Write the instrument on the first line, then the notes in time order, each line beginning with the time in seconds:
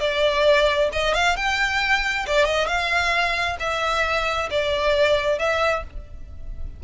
violin
0.00 D5
0.92 D#5
1.14 F5
1.37 G5
2.27 D5
2.45 D#5
2.67 F5
3.60 E5
4.50 D5
5.39 E5